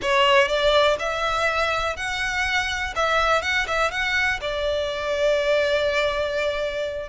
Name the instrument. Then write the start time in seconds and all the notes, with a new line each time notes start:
violin
0.02 C#5
0.48 D5
0.99 E5
1.96 F#5
2.95 E5
3.41 F#5
3.67 E5
3.91 F#5
4.40 D5